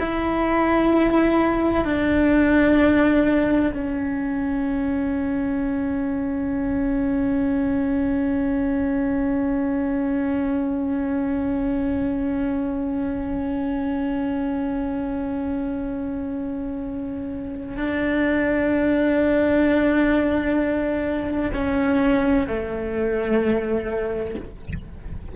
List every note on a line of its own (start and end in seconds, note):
0.00 1.85 E4
1.85 3.72 D4
3.75 17.77 C#4
17.77 21.52 D4
21.54 22.47 C#4
22.48 24.35 A3